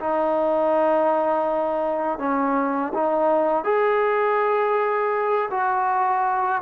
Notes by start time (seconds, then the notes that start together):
0.00 D#4
2.19 C#4
2.94 D#4
3.64 G#4
5.51 F#4